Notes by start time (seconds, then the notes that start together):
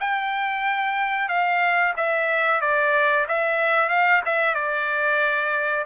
0.00 G5
1.28 F5
1.96 E5
2.61 D5
3.28 E5
3.89 F5
4.25 E5
4.54 D5